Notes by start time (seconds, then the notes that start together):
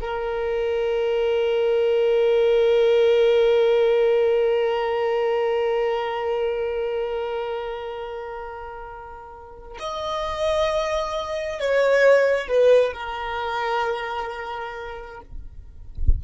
0.00 A#4
9.79 D#5
11.60 C#5
12.48 B4
12.93 A#4